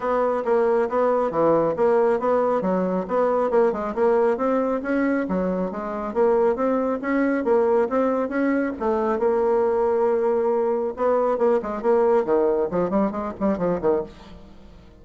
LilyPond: \new Staff \with { instrumentName = "bassoon" } { \time 4/4 \tempo 4 = 137 b4 ais4 b4 e4 | ais4 b4 fis4 b4 | ais8 gis8 ais4 c'4 cis'4 | fis4 gis4 ais4 c'4 |
cis'4 ais4 c'4 cis'4 | a4 ais2.~ | ais4 b4 ais8 gis8 ais4 | dis4 f8 g8 gis8 g8 f8 dis8 | }